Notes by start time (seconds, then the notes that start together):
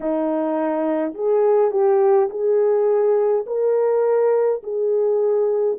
0.00 D#4
1.14 G#4
1.71 G4
2.30 G#4
3.46 A#4
4.63 G#4